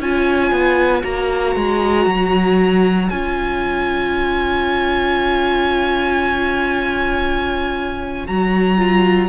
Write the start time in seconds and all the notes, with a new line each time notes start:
0.00 C#4 F4 C#5 G#5
0.52 B3
1.02 A#3 F#4 A#5
1.56 G#3
2.07 F#3
3.09 C#4 F4 G#5
8.27 F#3 F#4 A#5
8.78 F4